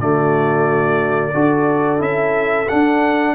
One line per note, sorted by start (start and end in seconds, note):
0.00 1.34 D3
0.00 1.34 A3
0.00 1.33 F#4
0.00 2.02 D5
1.33 2.00 D4
1.33 1.99 F#4
1.33 3.35 A4
1.99 2.68 C#4
1.99 2.66 E4
1.99 2.69 E5
2.69 3.35 D4
2.69 3.35 F#5